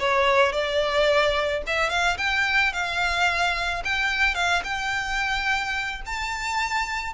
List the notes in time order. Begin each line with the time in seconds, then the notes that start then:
0.00 C#5
0.53 D5
1.67 E5
1.90 F5
2.18 G5
2.73 F5
3.85 G5
4.35 F5
4.64 G5
6.07 A5